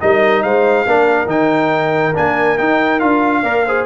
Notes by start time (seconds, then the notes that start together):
0.00 G3 D#4 A#4 D#5
0.43 G#3 C5 F5
0.85 A#3 D4 A#4
1.26 D#3 D#4 G5
2.14 A#3 D4 G#5
2.58 D#4 G5
2.99 D4 F4 F5
3.43 A#3 A#4 D5
3.66 G#4 C5